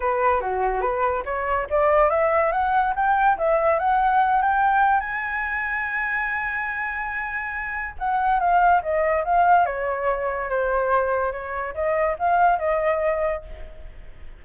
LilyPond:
\new Staff \with { instrumentName = "flute" } { \time 4/4 \tempo 4 = 143 b'4 fis'4 b'4 cis''4 | d''4 e''4 fis''4 g''4 | e''4 fis''4. g''4. | gis''1~ |
gis''2. fis''4 | f''4 dis''4 f''4 cis''4~ | cis''4 c''2 cis''4 | dis''4 f''4 dis''2 | }